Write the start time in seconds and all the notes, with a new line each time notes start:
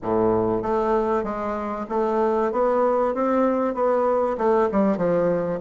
0.02 A2
0.62 A3
1.23 G#3
1.89 A3
2.52 B3
3.14 C4
3.74 B3
4.38 A3
4.71 G3
4.97 F3